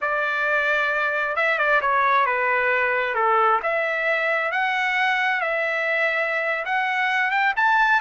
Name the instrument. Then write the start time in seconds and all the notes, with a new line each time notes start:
trumpet
0.01 D5
1.35 E5
1.58 D5
1.81 C#5
2.26 B4
3.14 A4
3.62 E5
4.51 F#5
5.40 E5
6.65 F#5
7.31 G5
7.56 A5